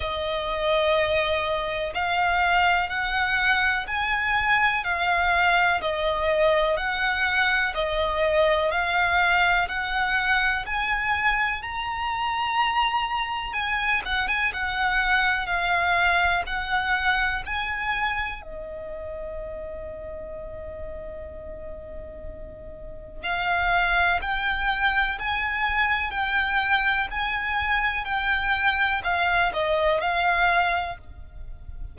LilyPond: \new Staff \with { instrumentName = "violin" } { \time 4/4 \tempo 4 = 62 dis''2 f''4 fis''4 | gis''4 f''4 dis''4 fis''4 | dis''4 f''4 fis''4 gis''4 | ais''2 gis''8 fis''16 gis''16 fis''4 |
f''4 fis''4 gis''4 dis''4~ | dis''1 | f''4 g''4 gis''4 g''4 | gis''4 g''4 f''8 dis''8 f''4 | }